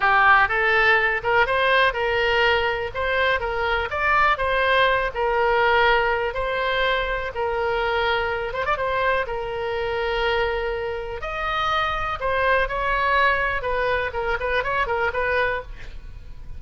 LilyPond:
\new Staff \with { instrumentName = "oboe" } { \time 4/4 \tempo 4 = 123 g'4 a'4. ais'8 c''4 | ais'2 c''4 ais'4 | d''4 c''4. ais'4.~ | ais'4 c''2 ais'4~ |
ais'4. c''16 d''16 c''4 ais'4~ | ais'2. dis''4~ | dis''4 c''4 cis''2 | b'4 ais'8 b'8 cis''8 ais'8 b'4 | }